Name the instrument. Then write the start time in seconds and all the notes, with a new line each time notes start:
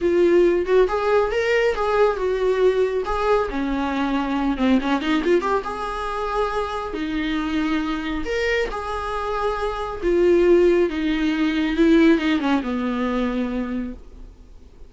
viola
0.01 F4
0.65 F#4
0.88 G#4
1.31 A#4
1.75 G#4
2.16 F#4
3.05 G#4
3.49 C#4
4.57 C4
4.81 C#4
5.01 D#4
5.24 F4
5.41 G4
5.64 G#4
6.93 D#4
8.25 A#4
8.70 G#4
10.02 F4
10.89 D#4
11.76 E4
12.18 D#4
12.39 C#4
12.62 B3